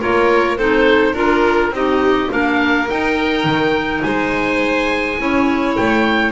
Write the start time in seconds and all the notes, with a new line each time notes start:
0.00 A#3 F4 A#4 C#5
0.57 C4 D#4 A4 C5
1.12 D4 F4 A#4
1.70 C4 D#4 G4 D#5
2.29 A#3 D4 A#4 F5
2.89 D#4 G5
3.44 D#3
4.02 G#3 C5 G#5
5.18 C#4 E4 C#5
5.76 A3 G5